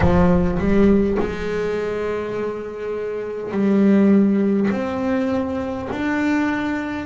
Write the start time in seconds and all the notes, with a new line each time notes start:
0.00 F3
0.58 G3
1.19 G#3
3.51 G3
4.71 C4
5.91 D4